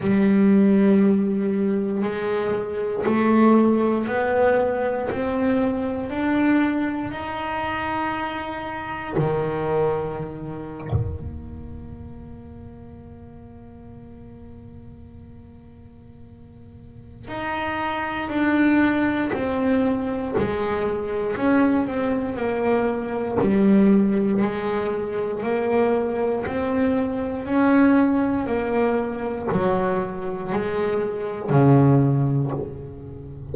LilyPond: \new Staff \with { instrumentName = "double bass" } { \time 4/4 \tempo 4 = 59 g2 gis4 a4 | b4 c'4 d'4 dis'4~ | dis'4 dis2 ais4~ | ais1~ |
ais4 dis'4 d'4 c'4 | gis4 cis'8 c'8 ais4 g4 | gis4 ais4 c'4 cis'4 | ais4 fis4 gis4 cis4 | }